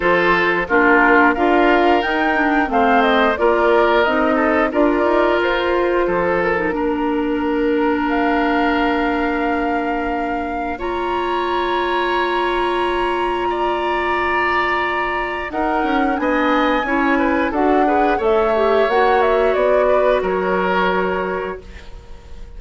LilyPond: <<
  \new Staff \with { instrumentName = "flute" } { \time 4/4 \tempo 4 = 89 c''4 ais'4 f''4 g''4 | f''8 dis''8 d''4 dis''4 d''4 | c''4. ais'2~ ais'8 | f''1 |
ais''1~ | ais''2. fis''4 | gis''2 fis''4 e''4 | fis''8 e''8 d''4 cis''2 | }
  \new Staff \with { instrumentName = "oboe" } { \time 4/4 a'4 f'4 ais'2 | c''4 ais'4. a'8 ais'4~ | ais'4 a'4 ais'2~ | ais'1 |
cis''1 | d''2. ais'4 | dis''4 cis''8 b'8 a'8 b'8 cis''4~ | cis''4. b'8 ais'2 | }
  \new Staff \with { instrumentName = "clarinet" } { \time 4/4 f'4 d'4 f'4 dis'8 d'8 | c'4 f'4 dis'4 f'4~ | f'4.~ f'16 dis'16 d'2~ | d'1 |
f'1~ | f'2. dis'4 | d'4 e'4 fis'8 gis'8 a'8 g'8 | fis'1 | }
  \new Staff \with { instrumentName = "bassoon" } { \time 4/4 f4 ais4 d'4 dis'4 | a4 ais4 c'4 d'8 dis'8 | f'4 f4 ais2~ | ais1~ |
ais1~ | ais2. dis'8 cis'8 | b4 cis'4 d'4 a4 | ais4 b4 fis2 | }
>>